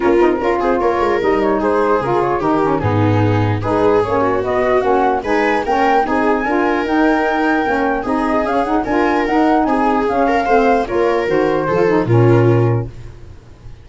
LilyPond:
<<
  \new Staff \with { instrumentName = "flute" } { \time 4/4 \tempo 4 = 149 ais'4. c''8 cis''4 dis''8 cis''8 | c''4 ais'8 cis''8 ais'4 gis'4~ | gis'4 b'4 cis''4 dis''4 | fis''4 gis''4 g''4 gis''4~ |
gis''4 g''2. | dis''4 f''8 fis''8 gis''4 fis''4 | gis''4 f''2 cis''4 | c''2 ais'2 | }
  \new Staff \with { instrumentName = "viola" } { \time 4/4 f'4 ais'8 gis'8 ais'2 | gis'2 g'4 dis'4~ | dis'4 gis'4. fis'4.~ | fis'4 b'4 ais'4 gis'4 |
ais'1 | gis'2 ais'2 | gis'4. ais'8 c''4 ais'4~ | ais'4 a'4 f'2 | }
  \new Staff \with { instrumentName = "saxophone" } { \time 4/4 cis'8 dis'8 f'2 dis'4~ | dis'4 f'4 dis'8 cis'8 b4~ | b4 dis'4 cis'4 b4 | cis'4 dis'4 cis'4 dis'4 |
f'4 dis'2 cis'4 | dis'4 cis'8 dis'8 f'4 dis'4~ | dis'4 cis'4 c'4 f'4 | fis'4 f'8 dis'8 cis'2 | }
  \new Staff \with { instrumentName = "tuba" } { \time 4/4 ais8 c'8 cis'8 c'8 ais8 gis8 g4 | gis4 cis4 dis4 gis,4~ | gis,4 gis4 ais4 b4 | ais4 gis4 ais4 c'4 |
d'4 dis'2 ais4 | c'4 cis'4 d'4 dis'4 | c'4 cis'4 a4 ais4 | dis4 f4 ais,2 | }
>>